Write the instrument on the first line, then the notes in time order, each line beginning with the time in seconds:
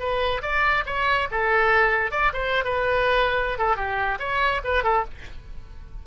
oboe
0.00 B4
0.43 D5
0.87 C#5
1.32 A4
2.12 D5
2.34 C5
2.65 B4
3.59 A4
3.77 G4
4.20 C#5
4.64 B4
4.84 A4